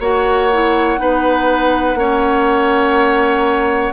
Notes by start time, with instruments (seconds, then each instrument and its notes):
0.00 bassoon A#3, clarinet F#4, oboe C#5, flute F#5
0.53 clarinet E4
0.98 bassoon B3, clarinet D#4, oboe B4
1.95 bassoon A#3, clarinet C#4, oboe C#5